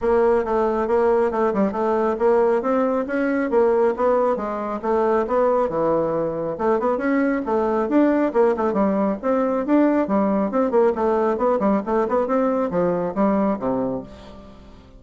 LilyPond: \new Staff \with { instrumentName = "bassoon" } { \time 4/4 \tempo 4 = 137 ais4 a4 ais4 a8 g8 | a4 ais4 c'4 cis'4 | ais4 b4 gis4 a4 | b4 e2 a8 b8 |
cis'4 a4 d'4 ais8 a8 | g4 c'4 d'4 g4 | c'8 ais8 a4 b8 g8 a8 b8 | c'4 f4 g4 c4 | }